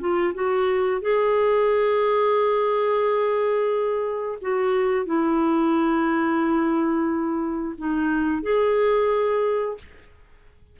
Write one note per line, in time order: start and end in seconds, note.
0.00 0.34 F4
0.35 1.02 F#4
1.02 4.39 G#4
4.42 5.06 F#4
5.06 7.76 E4
7.78 8.43 D#4
8.43 9.78 G#4